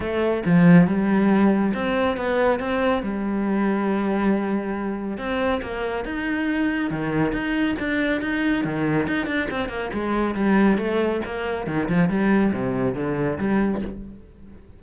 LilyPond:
\new Staff \with { instrumentName = "cello" } { \time 4/4 \tempo 4 = 139 a4 f4 g2 | c'4 b4 c'4 g4~ | g1 | c'4 ais4 dis'2 |
dis4 dis'4 d'4 dis'4 | dis4 dis'8 d'8 c'8 ais8 gis4 | g4 a4 ais4 dis8 f8 | g4 c4 d4 g4 | }